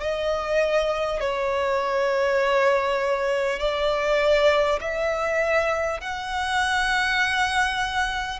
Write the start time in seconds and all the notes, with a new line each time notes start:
0.00 D#5
1.20 C#5
3.59 D5
4.81 E5
6.01 F#5